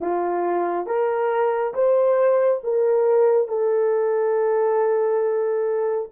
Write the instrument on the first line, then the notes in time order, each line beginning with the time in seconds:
horn
0.00 F4
0.86 A#4
1.74 C5
2.63 A#4
3.47 A4